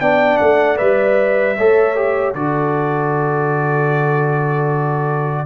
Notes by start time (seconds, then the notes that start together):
0.00 B3 D4 D5 G5
0.37 A3 F#5
0.76 G3 B4 E5
1.57 A3 A4 C#5
1.95 G4
2.34 D3 F#4 A4 D5